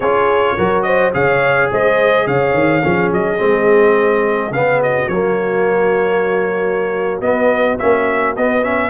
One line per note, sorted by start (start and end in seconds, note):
0.00 0.56 C#4
0.00 0.57 F4
0.00 0.55 G#4
0.00 0.82 C#5
0.57 1.14 F#3
0.57 1.13 F#4
0.57 0.86 A#4
0.82 1.14 C5
0.82 1.10 D#5
1.13 1.71 C#3
1.13 2.82 G#4
1.13 1.71 C#5
1.13 1.70 F5
1.71 2.26 G#3
1.71 2.26 C5
1.71 2.27 D#5
2.26 2.53 C#3
2.26 2.83 C#5
2.26 3.12 F5
2.53 2.81 D#3
2.82 3.12 F3
2.82 3.38 C#4
2.82 4.80 G#4
3.12 3.40 F#3
3.12 4.52 D#5
3.38 4.50 G#3
3.38 4.51 C4
4.50 5.07 C#3
4.50 5.10 B3
4.50 4.81 F5
4.80 8.90 F#4
4.80 5.08 D#5
5.08 7.21 F#3
5.08 7.22 A#3
5.08 7.20 C#5
7.21 7.77 B3
7.21 7.78 B3
7.21 7.78 D#5
7.79 8.36 A#3
7.79 8.36 C#4
7.79 8.35 E5
8.36 8.90 B3
8.36 8.62 B3
8.36 8.63 D#5
8.62 8.90 C#4
8.62 8.90 E5